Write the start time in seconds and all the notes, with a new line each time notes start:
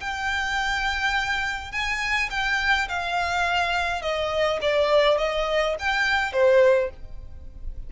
0.00 G5
1.71 G#5
2.30 G5
2.88 F5
4.01 D#5
4.61 D5
5.18 D#5
5.78 G5
6.32 C5